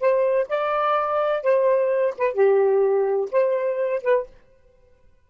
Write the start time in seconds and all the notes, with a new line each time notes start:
0.00 C5
0.48 D5
1.43 C5
2.18 B4
2.34 G4
3.32 C5
4.02 B4